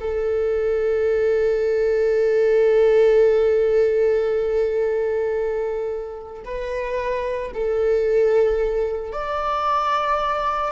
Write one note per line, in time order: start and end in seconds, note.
0.00 6.43 A4
6.45 7.52 B4
7.54 9.13 A4
9.13 10.72 D5